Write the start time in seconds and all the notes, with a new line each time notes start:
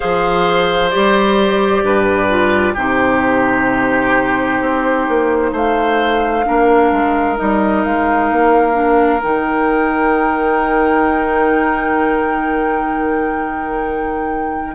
0.00 F3 G#4 C5 F5
0.90 G3 G4 D5
1.83 G2 B4
2.29 F4
2.73 C3 D#4 G4 C5
4.61 C4
5.08 A#3
5.52 A3 C5 F5
6.44 A#3 D4 A#4
6.92 G#3
7.36 G3 D#4 D#5
7.83 G#3 F5
8.31 A#3
8.72 D4
9.22 D#3 D#4 G5